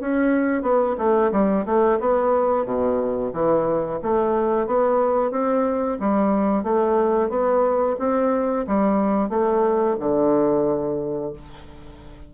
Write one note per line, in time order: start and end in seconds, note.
0.00 0.62 C#4
0.62 0.95 B3
0.98 1.31 A3
1.32 1.65 G3
1.65 1.99 A3
1.99 2.65 B3
2.65 3.32 B2
3.33 3.99 E3
4.02 4.66 A3
4.66 5.31 B3
5.31 5.97 C4
6.00 6.63 G3
6.63 7.29 A3
7.29 7.96 B3
7.99 8.65 C4
8.67 9.29 G3
9.29 9.96 A3
9.99 11.32 D3